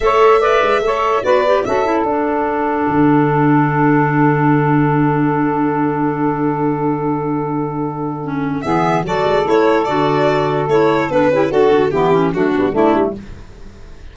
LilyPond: <<
  \new Staff \with { instrumentName = "violin" } { \time 4/4 \tempo 4 = 146 e''2. d''4 | e''4 fis''2.~ | fis''1~ | fis''1~ |
fis''1~ | fis''4 e''4 d''4 cis''4 | d''2 cis''4 b'4 | a'4 g'4 fis'4 e'4 | }
  \new Staff \with { instrumentName = "saxophone" } { \time 4/4 cis''4 d''4 cis''4 b'4 | a'1~ | a'1~ | a'1~ |
a'1~ | a'4 gis'4 a'2~ | a'2.~ a'8 g'8 | fis'4 e'4 a8 b8 d'4 | }
  \new Staff \with { instrumentName = "clarinet" } { \time 4/4 a'4 b'4 a'4 fis'8 g'8 | fis'8 e'8 d'2.~ | d'1~ | d'1~ |
d'1 | cis'4 b4 fis'4 e'4 | fis'2 e'4 d'8 e'8 | fis'4 b8 cis'8 d'4 a4 | }
  \new Staff \with { instrumentName = "tuba" } { \time 4/4 a4. gis8 a4 b4 | cis'4 d'2 d4~ | d1~ | d1~ |
d1~ | d4 e4 fis8 gis8 a4 | d2 a4 b8 cis'8 | d'8 d8 e4 fis8 g8 a8 g8 | }
>>